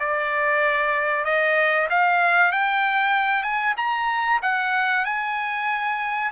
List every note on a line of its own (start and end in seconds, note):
0.00 1.25 D5
1.25 1.88 D#5
1.90 2.52 F5
2.52 3.43 G5
3.43 3.75 G#5
3.77 4.40 A#5
4.42 5.05 F#5
5.05 6.32 G#5